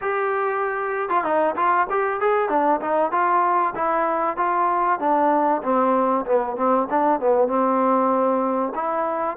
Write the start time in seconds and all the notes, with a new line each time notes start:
0.01 G4
1.09 F4
1.24 D#4
1.55 F4
1.89 G4
2.20 G#4
2.49 D4
2.81 D#4
3.11 F4
3.75 E4
4.37 F4
4.99 D4
5.62 C4
6.25 B3
6.56 C4
6.89 D4
7.20 B3
7.47 C4
8.74 E4